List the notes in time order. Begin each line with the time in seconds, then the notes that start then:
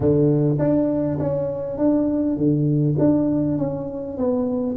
0.00 D3
0.58 D4
1.19 C#4
1.78 D4
2.36 D3
2.99 D4
3.58 C#4
4.17 B3